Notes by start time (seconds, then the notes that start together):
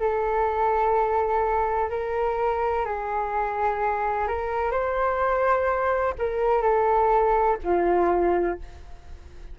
0.00 A4
1.90 A#4
2.86 G#4
4.28 A#4
4.71 C5
6.19 A#4
6.62 A4
7.64 F4